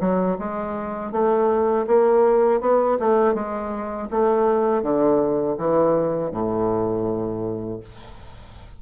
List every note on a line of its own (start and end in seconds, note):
0.00 0.37 F#3
0.38 1.11 G#3
1.11 1.86 A3
1.87 2.61 A#3
2.61 2.98 B3
2.99 3.34 A3
3.34 4.08 G#3
4.10 4.82 A3
4.82 5.56 D3
5.58 6.31 E3
6.31 7.79 A2